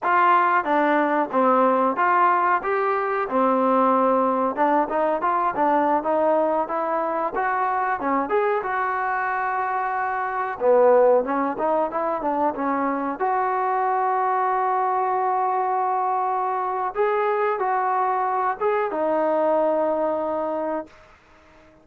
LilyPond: \new Staff \with { instrumentName = "trombone" } { \time 4/4 \tempo 4 = 92 f'4 d'4 c'4 f'4 | g'4 c'2 d'8 dis'8 | f'8 d'8. dis'4 e'4 fis'8.~ | fis'16 cis'8 gis'8 fis'2~ fis'8.~ |
fis'16 b4 cis'8 dis'8 e'8 d'8 cis'8.~ | cis'16 fis'2.~ fis'8.~ | fis'2 gis'4 fis'4~ | fis'8 gis'8 dis'2. | }